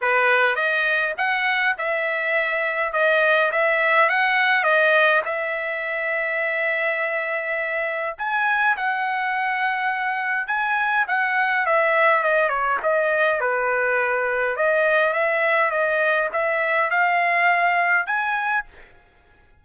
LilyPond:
\new Staff \with { instrumentName = "trumpet" } { \time 4/4 \tempo 4 = 103 b'4 dis''4 fis''4 e''4~ | e''4 dis''4 e''4 fis''4 | dis''4 e''2.~ | e''2 gis''4 fis''4~ |
fis''2 gis''4 fis''4 | e''4 dis''8 cis''8 dis''4 b'4~ | b'4 dis''4 e''4 dis''4 | e''4 f''2 gis''4 | }